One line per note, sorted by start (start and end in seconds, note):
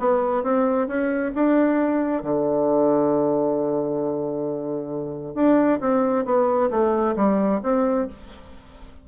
0.00 0.44 B3
0.44 0.88 C4
0.88 1.33 C#4
1.35 2.23 D4
2.23 5.35 D3
5.35 5.80 D4
5.81 6.25 C4
6.26 6.71 B3
6.71 7.16 A3
7.16 7.61 G3
7.63 8.08 C4